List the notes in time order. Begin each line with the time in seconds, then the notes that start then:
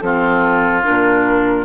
0.00 F3 C4 F4 A4
0.83 A#2 D4 A#4